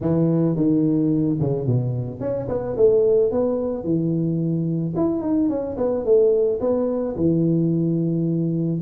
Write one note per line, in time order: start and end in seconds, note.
0.01 0.56 E3
0.56 1.38 D#3
1.40 1.66 C#3
1.66 2.20 B2
2.20 2.47 C#4
2.48 2.76 B3
2.76 3.31 A3
3.31 3.84 B3
3.84 4.94 E3
4.96 5.21 E4
5.21 5.49 D#4
5.49 5.76 C#4
5.77 6.05 B3
6.05 6.60 A3
6.60 7.15 B3
7.16 8.81 E3